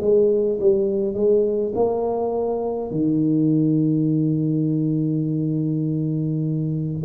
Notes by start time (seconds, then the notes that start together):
0.00 G#3
0.60 G3
1.14 G#3
1.75 A#3
2.91 D#3